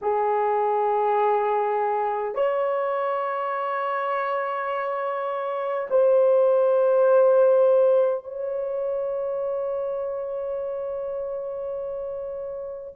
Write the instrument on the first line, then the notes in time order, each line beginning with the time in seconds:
horn
0.01 G#4
2.34 C#5
5.89 C5
8.24 C#5